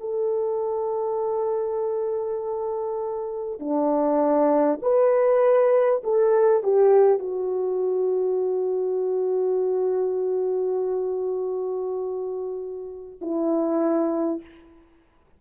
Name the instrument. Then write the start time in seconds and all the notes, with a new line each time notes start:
horn
0.00 A4
3.59 D4
4.82 B4
6.03 A4
6.63 G4
7.18 F#4
13.21 E4